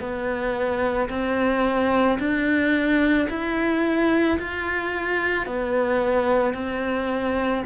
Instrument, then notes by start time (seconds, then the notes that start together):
cello
0.00 B3
1.10 C4
2.19 D4
3.30 E4
4.39 F4
5.46 B3
6.54 C4